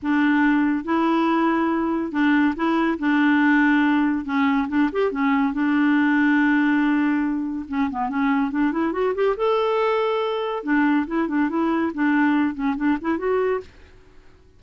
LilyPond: \new Staff \with { instrumentName = "clarinet" } { \time 4/4 \tempo 4 = 141 d'2 e'2~ | e'4 d'4 e'4 d'4~ | d'2 cis'4 d'8 g'8 | cis'4 d'2.~ |
d'2 cis'8 b8 cis'4 | d'8 e'8 fis'8 g'8 a'2~ | a'4 d'4 e'8 d'8 e'4 | d'4. cis'8 d'8 e'8 fis'4 | }